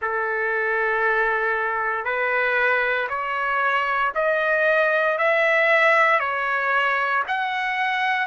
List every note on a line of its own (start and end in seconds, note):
0.01 2.04 A4
2.04 3.08 B4
3.09 4.12 C#5
4.14 5.17 D#5
5.17 6.19 E5
6.19 7.23 C#5
7.27 8.26 F#5